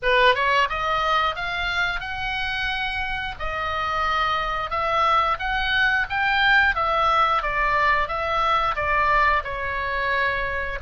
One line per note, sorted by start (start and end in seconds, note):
0.02 0.34 B4
0.34 0.68 C#5
0.69 1.35 D#5
1.35 2.00 F5
2.00 3.35 F#5
3.39 4.70 D#5
4.70 5.37 E5
5.39 6.06 F#5
6.09 6.75 G5
6.75 7.42 E5
7.42 8.07 D5
8.07 8.75 E5
8.75 9.43 D5
9.44 10.79 C#5